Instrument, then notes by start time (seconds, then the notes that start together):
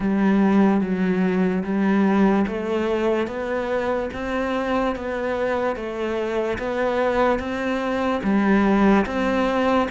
cello
0.00 G3
0.80 F#3
1.63 G3
2.47 A3
3.27 B3
4.13 C4
4.95 B3
5.75 A3
6.58 B3
7.39 C4
8.23 G3
9.06 C4